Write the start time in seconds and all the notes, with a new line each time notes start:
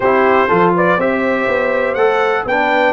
0.00 C4 E4 G4 C5
0.47 F3 F4 A4
0.75 B4 D5
0.97 C4 G4 C5 E5
1.48 B3
1.94 A3 A4 F#5
2.45 B3 D4 B4 G5